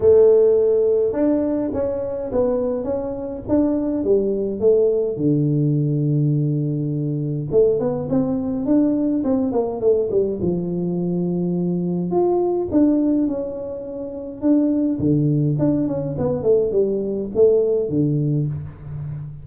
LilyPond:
\new Staff \with { instrumentName = "tuba" } { \time 4/4 \tempo 4 = 104 a2 d'4 cis'4 | b4 cis'4 d'4 g4 | a4 d2.~ | d4 a8 b8 c'4 d'4 |
c'8 ais8 a8 g8 f2~ | f4 f'4 d'4 cis'4~ | cis'4 d'4 d4 d'8 cis'8 | b8 a8 g4 a4 d4 | }